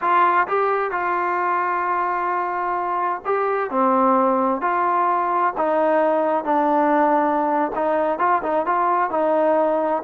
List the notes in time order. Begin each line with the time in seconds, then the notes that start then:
0.01 F4
0.47 G4
0.91 F4
3.25 G4
3.70 C4
4.61 F4
5.57 D#4
6.44 D4
7.75 D#4
8.18 F4
8.43 D#4
8.66 F4
9.10 D#4